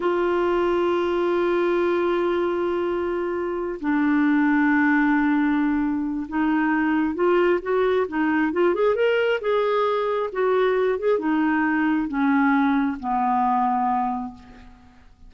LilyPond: \new Staff \with { instrumentName = "clarinet" } { \time 4/4 \tempo 4 = 134 f'1~ | f'1~ | f'8 d'2.~ d'8~ | d'2 dis'2 |
f'4 fis'4 dis'4 f'8 gis'8 | ais'4 gis'2 fis'4~ | fis'8 gis'8 dis'2 cis'4~ | cis'4 b2. | }